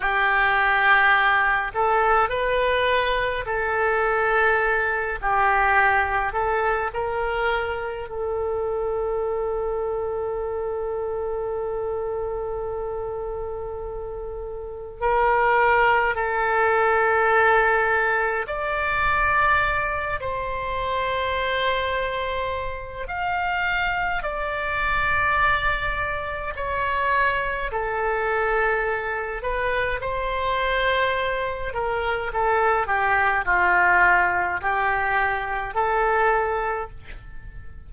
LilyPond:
\new Staff \with { instrumentName = "oboe" } { \time 4/4 \tempo 4 = 52 g'4. a'8 b'4 a'4~ | a'8 g'4 a'8 ais'4 a'4~ | a'1~ | a'4 ais'4 a'2 |
d''4. c''2~ c''8 | f''4 d''2 cis''4 | a'4. b'8 c''4. ais'8 | a'8 g'8 f'4 g'4 a'4 | }